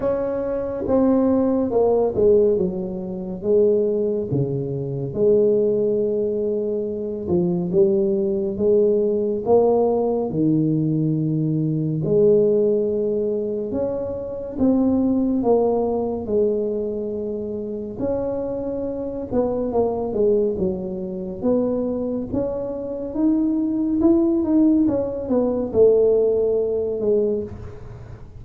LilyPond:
\new Staff \with { instrumentName = "tuba" } { \time 4/4 \tempo 4 = 70 cis'4 c'4 ais8 gis8 fis4 | gis4 cis4 gis2~ | gis8 f8 g4 gis4 ais4 | dis2 gis2 |
cis'4 c'4 ais4 gis4~ | gis4 cis'4. b8 ais8 gis8 | fis4 b4 cis'4 dis'4 | e'8 dis'8 cis'8 b8 a4. gis8 | }